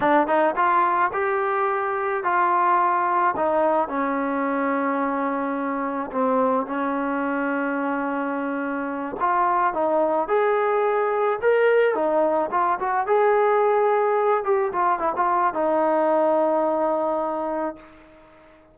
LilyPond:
\new Staff \with { instrumentName = "trombone" } { \time 4/4 \tempo 4 = 108 d'8 dis'8 f'4 g'2 | f'2 dis'4 cis'4~ | cis'2. c'4 | cis'1~ |
cis'8 f'4 dis'4 gis'4.~ | gis'8 ais'4 dis'4 f'8 fis'8 gis'8~ | gis'2 g'8 f'8 e'16 f'8. | dis'1 | }